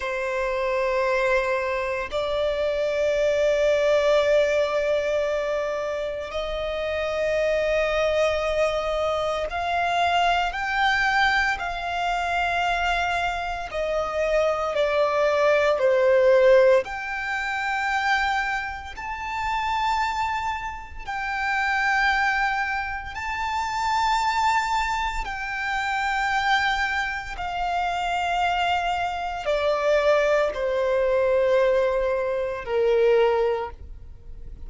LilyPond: \new Staff \with { instrumentName = "violin" } { \time 4/4 \tempo 4 = 57 c''2 d''2~ | d''2 dis''2~ | dis''4 f''4 g''4 f''4~ | f''4 dis''4 d''4 c''4 |
g''2 a''2 | g''2 a''2 | g''2 f''2 | d''4 c''2 ais'4 | }